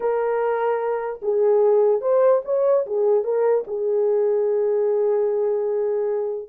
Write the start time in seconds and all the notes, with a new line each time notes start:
0.00 A#4
1.22 G#4
2.01 C5
2.45 C#5
2.86 G#4
3.24 A#4
3.67 G#4